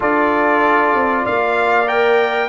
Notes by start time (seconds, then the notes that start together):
0.00 D4 F4 A4 D5
0.94 C4
1.23 A#3 D5 F5
1.86 A#4 G5